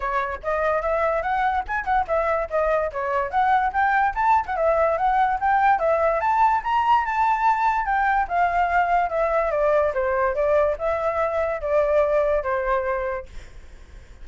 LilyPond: \new Staff \with { instrumentName = "flute" } { \time 4/4 \tempo 4 = 145 cis''4 dis''4 e''4 fis''4 | gis''8 fis''8 e''4 dis''4 cis''4 | fis''4 g''4 a''8. fis''16 e''4 | fis''4 g''4 e''4 a''4 |
ais''4 a''2 g''4 | f''2 e''4 d''4 | c''4 d''4 e''2 | d''2 c''2 | }